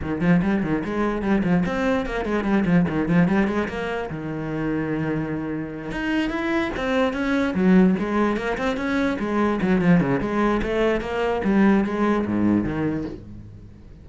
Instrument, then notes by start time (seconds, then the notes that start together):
cello
0.01 D#3
0.21 F3
0.42 G3
0.63 D#3
0.84 G#3
1.22 G3
1.43 F3
1.65 C4
2.06 A#3
2.25 G#3
2.43 G3
2.65 F3
2.88 D#3
3.08 F3
3.28 G3
3.47 G#3
3.68 A#3
4.10 D#3
5.91 D#4
6.29 E4
6.76 C4
7.13 C#4
7.54 F#3
7.99 G#3
8.37 A#3
8.57 C4
8.76 C#4
9.19 G#3
9.61 F#3
9.81 F3
10.00 C#3
10.20 G#3
10.62 A3
11.01 A#3
11.44 G3
11.84 G#3
12.26 G#2
12.63 D#3